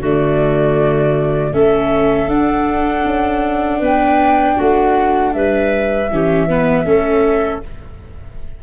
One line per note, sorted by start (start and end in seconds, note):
0.00 1.52 D3
0.00 1.54 A3
0.00 1.52 F#4
0.00 1.54 D5
1.53 2.28 A3
1.53 2.28 C#4
1.53 3.79 A4
1.53 2.30 E5
2.28 3.04 D4
2.28 6.08 D4
2.28 3.82 F#5
3.05 3.81 C#4
3.79 4.57 B3
3.79 4.55 B4
3.79 4.61 G5
4.56 5.35 A3
4.56 5.32 F#4
4.56 5.33 F#5
5.33 6.11 G3
5.33 6.11 B4
5.33 7.61 E5
6.11 6.85 E3
6.11 6.49 C#4
6.11 6.47 G4
6.47 6.86 B3
6.47 6.85 B4
6.85 7.61 A3
6.85 7.62 C#4
6.85 7.63 A4